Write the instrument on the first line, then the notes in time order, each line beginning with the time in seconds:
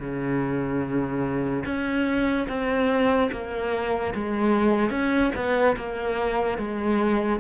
cello
0.00 C#3
1.66 C#4
2.48 C4
3.32 A#3
4.15 G#3
4.91 C#4
5.35 B3
5.77 A#3
6.58 G#3